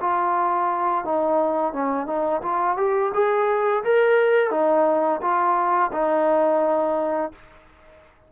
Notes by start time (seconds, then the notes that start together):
0.00 F4
1.04 D#4
1.73 C#4
2.06 D#4
2.42 F4
2.77 G4
3.13 G#4
3.84 A#4
4.50 D#4
5.21 F4
5.92 D#4